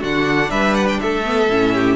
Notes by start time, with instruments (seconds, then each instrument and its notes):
0.00 cello D3, viola D4, violin F#4 F#5
0.50 cello G3, violin B4 E5
0.74 violin F#5
0.87 violin G5
1.00 cello A3, violin A4 E5
1.24 viola B3
1.49 cello A2, viola C#4
1.74 violin G4